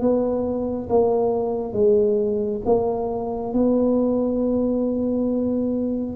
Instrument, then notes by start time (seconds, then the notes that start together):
tuba
0.00 B3
0.89 A#3
1.73 G#3
2.65 A#3
3.53 B3